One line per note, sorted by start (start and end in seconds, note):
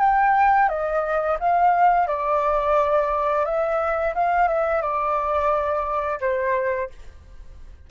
0.00 0.69 G5
0.69 1.38 D#5
1.40 2.08 F5
2.08 3.45 D5
3.45 4.14 E5
4.15 4.48 F5
4.48 4.82 E5
4.82 6.20 D5
6.21 6.90 C5